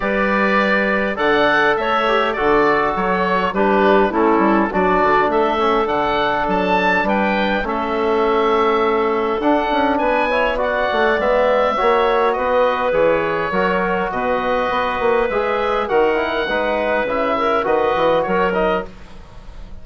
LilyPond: <<
  \new Staff \with { instrumentName = "oboe" } { \time 4/4 \tempo 4 = 102 d''2 fis''4 e''4 | d''4 cis''4 b'4 a'4 | d''4 e''4 fis''4 a''4 | g''4 e''2. |
fis''4 gis''4 fis''4 e''4~ | e''4 dis''4 cis''2 | dis''2 e''4 fis''4~ | fis''4 e''4 dis''4 cis''8 dis''8 | }
  \new Staff \with { instrumentName = "clarinet" } { \time 4/4 b'2 d''4 cis''4 | a'2 g'4 e'4 | fis'4 a'2. | b'4 a'2.~ |
a'4 b'8 cis''8 d''2 | cis''4 b'2 ais'4 | b'2. ais'4 | b'4. ais'8 b'4 ais'4 | }
  \new Staff \with { instrumentName = "trombone" } { \time 4/4 g'2 a'4. g'8 | fis'2 d'4 cis'4 | d'4. cis'8 d'2~ | d'4 cis'2. |
d'4. e'8 fis'4 b4 | fis'2 gis'4 fis'4~ | fis'2 gis'4 fis'8 e'8 | dis'4 e'4 fis'4. dis'8 | }
  \new Staff \with { instrumentName = "bassoon" } { \time 4/4 g2 d4 a4 | d4 fis4 g4 a8 g8 | fis8 d8 a4 d4 fis4 | g4 a2. |
d'8 cis'8 b4. a8 gis4 | ais4 b4 e4 fis4 | b,4 b8 ais8 gis4 dis4 | gis4 cis4 dis8 e8 fis4 | }
>>